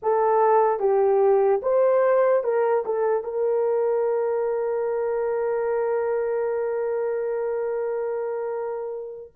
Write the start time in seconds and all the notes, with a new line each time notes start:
0.02 A4
0.79 G4
1.62 C5
2.43 A#4
2.85 A4
3.23 A#4